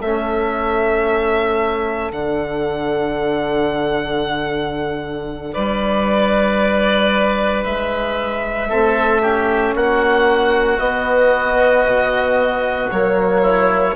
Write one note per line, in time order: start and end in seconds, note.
0.00 2.11 A3
0.00 2.13 C#4
0.00 5.53 A4
0.00 2.11 E5
2.11 5.54 D3
2.11 8.70 D4
2.11 5.53 F#5
5.53 7.65 G3
5.53 8.69 B4
5.53 7.64 D5
7.64 8.70 G#3
7.64 9.75 E5
8.69 9.74 A3
8.69 9.21 C4
8.69 9.21 A4
9.21 10.79 C#4
9.21 9.74 G4
9.74 10.79 A#3
9.74 13.41 F#4
9.74 10.79 F#5
10.79 11.84 B3
10.79 12.90 B3
10.79 12.89 D#5
11.85 12.90 B2
12.91 13.95 F#3
12.91 13.95 A#3
12.91 13.95 C#5
13.41 13.94 E4